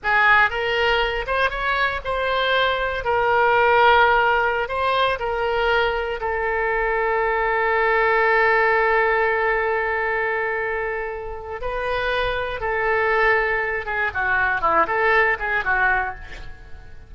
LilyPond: \new Staff \with { instrumentName = "oboe" } { \time 4/4 \tempo 4 = 119 gis'4 ais'4. c''8 cis''4 | c''2 ais'2~ | ais'4~ ais'16 c''4 ais'4.~ ais'16~ | ais'16 a'2.~ a'8.~ |
a'1~ | a'2. b'4~ | b'4 a'2~ a'8 gis'8 | fis'4 e'8 a'4 gis'8 fis'4 | }